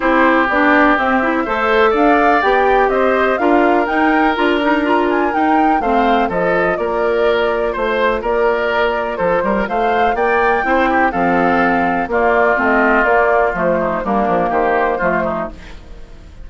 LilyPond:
<<
  \new Staff \with { instrumentName = "flute" } { \time 4/4 \tempo 4 = 124 c''4 d''4 e''2 | f''4 g''4 dis''4 f''4 | g''4 ais''4. gis''8 g''4 | f''4 dis''4 d''2 |
c''4 d''2 c''4 | f''4 g''2 f''4~ | f''4 d''4 dis''4 d''4 | c''4 ais'4 c''2 | }
  \new Staff \with { instrumentName = "oboe" } { \time 4/4 g'2. c''4 | d''2 c''4 ais'4~ | ais'1 | c''4 a'4 ais'2 |
c''4 ais'2 a'8 ais'8 | c''4 d''4 c''8 g'8 a'4~ | a'4 f'2.~ | f'8 dis'8 d'4 g'4 f'8 dis'8 | }
  \new Staff \with { instrumentName = "clarinet" } { \time 4/4 e'4 d'4 c'8 e'8 a'4~ | a'4 g'2 f'4 | dis'4 f'8 dis'8 f'4 dis'4 | c'4 f'2.~ |
f'1~ | f'2 e'4 c'4~ | c'4 ais4 c'4 ais4 | a4 ais2 a4 | }
  \new Staff \with { instrumentName = "bassoon" } { \time 4/4 c'4 b4 c'4 a4 | d'4 b4 c'4 d'4 | dis'4 d'2 dis'4 | a4 f4 ais2 |
a4 ais2 f8 g8 | a4 ais4 c'4 f4~ | f4 ais4 a4 ais4 | f4 g8 f8 dis4 f4 | }
>>